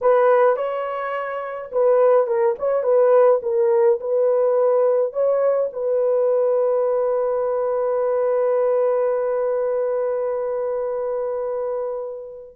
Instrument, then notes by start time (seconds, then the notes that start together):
horn
0.01 B4
0.56 C#5
1.71 B4
2.26 A#4
2.58 C#5
2.83 B4
3.42 A#4
4.00 B4
5.12 C#5
5.72 B4